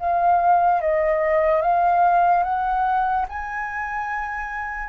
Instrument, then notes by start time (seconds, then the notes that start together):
flute
0.00 F5
0.82 D#5
1.62 F5
2.44 F#5
3.29 G#5